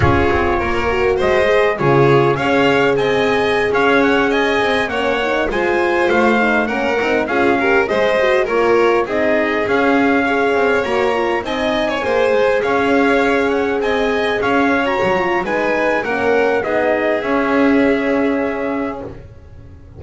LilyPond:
<<
  \new Staff \with { instrumentName = "trumpet" } { \time 4/4 \tempo 4 = 101 cis''2 dis''4 cis''4 | f''4 gis''4~ gis''16 f''8 fis''8 gis''8.~ | gis''16 fis''4 gis''4 f''4 fis''8.~ | fis''16 f''4 dis''4 cis''4 dis''8.~ |
dis''16 f''2 ais''4 gis''8.~ | gis''4~ gis''16 f''4. fis''8 gis''8.~ | gis''16 f''8. ais''4 gis''4 fis''4 | dis''4 e''2. | }
  \new Staff \with { instrumentName = "violin" } { \time 4/4 gis'4 ais'4 c''4 gis'4 | cis''4 dis''4~ dis''16 cis''4 dis''8.~ | dis''16 cis''4 c''2 ais'8.~ | ais'16 gis'8 ais'8 c''4 ais'4 gis'8.~ |
gis'4~ gis'16 cis''2 dis''8. | cis''16 c''4 cis''2 dis''8.~ | dis''16 cis''4.~ cis''16 b'4 ais'4 | gis'1 | }
  \new Staff \with { instrumentName = "horn" } { \time 4/4 f'4. fis'4 gis'8 f'4 | gis'1~ | gis'16 cis'8 dis'8 f'4. dis'8 cis'8 dis'16~ | dis'16 f'8 g'8 gis'8 fis'8 f'4 dis'8.~ |
dis'16 cis'4 gis'4 fis'8 f'8 dis'8.~ | dis'16 gis'2.~ gis'8.~ | gis'4 fis'8 f'8 dis'4 cis'4 | dis'4 cis'2. | }
  \new Staff \with { instrumentName = "double bass" } { \time 4/4 cis'8 c'8 ais4 gis4 cis4 | cis'4 c'4~ c'16 cis'4. c'16~ | c'16 ais4 gis4 a4 ais8 c'16~ | c'16 cis'4 gis4 ais4 c'8.~ |
c'16 cis'4. c'8 ais4 c'8.~ | c'16 ais8 gis8 cis'2 c'8.~ | c'16 cis'4 fis8. gis4 ais4 | b4 cis'2. | }
>>